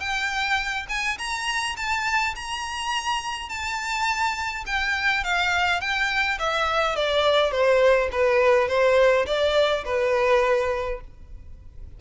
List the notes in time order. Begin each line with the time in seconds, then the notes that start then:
0.00 G5
0.89 G#5
1.19 A#5
1.77 A5
2.36 A#5
3.49 A5
4.67 G5
5.24 F5
5.81 G5
6.39 E5
6.96 D5
7.52 C5
8.12 B4
8.69 C5
9.27 D5
9.85 B4